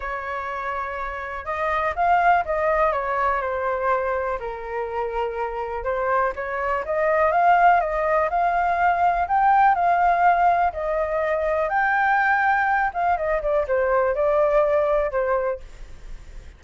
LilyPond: \new Staff \with { instrumentName = "flute" } { \time 4/4 \tempo 4 = 123 cis''2. dis''4 | f''4 dis''4 cis''4 c''4~ | c''4 ais'2. | c''4 cis''4 dis''4 f''4 |
dis''4 f''2 g''4 | f''2 dis''2 | g''2~ g''8 f''8 dis''8 d''8 | c''4 d''2 c''4 | }